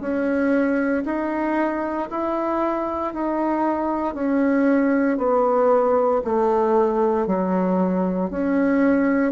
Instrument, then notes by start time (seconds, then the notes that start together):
bassoon
0.00 C#4
1.05 D#4
2.10 E4
3.13 D#4
4.14 C#4
5.17 B3
6.24 A3
7.26 F#3
8.30 C#4